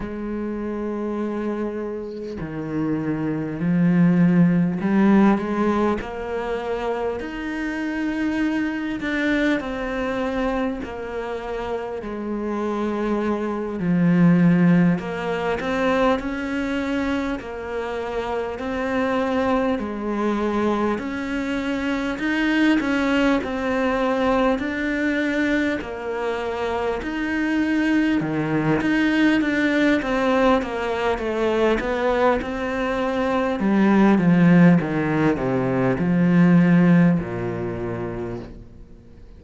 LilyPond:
\new Staff \with { instrumentName = "cello" } { \time 4/4 \tempo 4 = 50 gis2 dis4 f4 | g8 gis8 ais4 dis'4. d'8 | c'4 ais4 gis4. f8~ | f8 ais8 c'8 cis'4 ais4 c'8~ |
c'8 gis4 cis'4 dis'8 cis'8 c'8~ | c'8 d'4 ais4 dis'4 dis8 | dis'8 d'8 c'8 ais8 a8 b8 c'4 | g8 f8 dis8 c8 f4 ais,4 | }